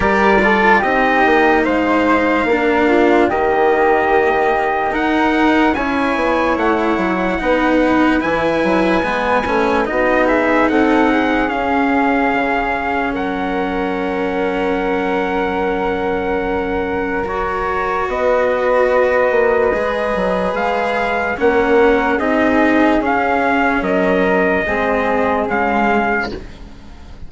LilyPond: <<
  \new Staff \with { instrumentName = "trumpet" } { \time 4/4 \tempo 4 = 73 d''4 dis''4 f''2 | dis''2 fis''4 gis''4 | fis''2 gis''2 | dis''8 e''8 fis''4 f''2 |
fis''1~ | fis''4 cis''4 dis''2~ | dis''4 f''4 fis''4 dis''4 | f''4 dis''2 f''4 | }
  \new Staff \with { instrumentName = "flute" } { \time 4/4 ais'8 a'8 g'4 c''4 ais'8 f'8 | g'2 ais'4 cis''4~ | cis''4 b'2. | fis'8 gis'8 a'8 gis'2~ gis'8 |
ais'1~ | ais'2 b'2~ | b'2 ais'4 gis'4~ | gis'4 ais'4 gis'2 | }
  \new Staff \with { instrumentName = "cello" } { \time 4/4 g'8 f'8 dis'2 d'4 | ais2 dis'4 e'4~ | e'4 dis'4 e'4 b8 cis'8 | dis'2 cis'2~ |
cis'1~ | cis'4 fis'2. | gis'2 cis'4 dis'4 | cis'2 c'4 gis4 | }
  \new Staff \with { instrumentName = "bassoon" } { \time 4/4 g4 c'8 ais8 gis4 ais4 | dis2 dis'4 cis'8 b8 | a8 fis8 b4 e8 fis8 gis8 a8 | b4 c'4 cis'4 cis4 |
fis1~ | fis2 b4. ais8 | gis8 fis8 gis4 ais4 c'4 | cis'4 fis4 gis4 cis4 | }
>>